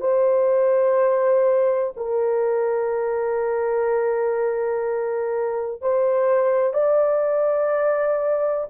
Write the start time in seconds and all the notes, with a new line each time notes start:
0.00 C5
1.96 A#4
5.81 C5
6.73 D5